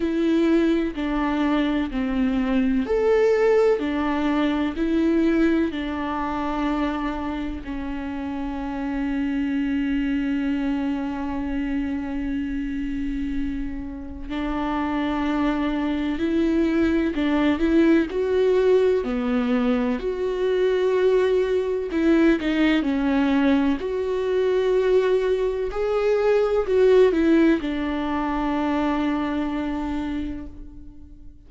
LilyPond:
\new Staff \with { instrumentName = "viola" } { \time 4/4 \tempo 4 = 63 e'4 d'4 c'4 a'4 | d'4 e'4 d'2 | cis'1~ | cis'2. d'4~ |
d'4 e'4 d'8 e'8 fis'4 | b4 fis'2 e'8 dis'8 | cis'4 fis'2 gis'4 | fis'8 e'8 d'2. | }